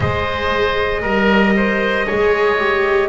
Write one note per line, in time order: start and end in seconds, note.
0.00 1.02 G#3
0.00 1.05 G#4
0.00 1.01 C5
0.00 3.09 D#5
1.01 2.06 G3
1.01 1.53 A#4
1.01 2.06 A#4
1.56 2.06 C5
2.06 3.09 G#3
2.06 2.58 G#4
2.06 3.09 C#5
2.58 3.09 G4